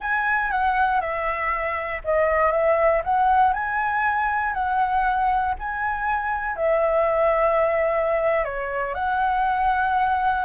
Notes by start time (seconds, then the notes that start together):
0.00 G#5
0.50 F#5
1.00 E5
2.04 D#5
2.51 E5
3.04 F#5
3.53 G#5
4.53 F#5
5.59 G#5
6.55 E5
8.44 C#5
8.94 F#5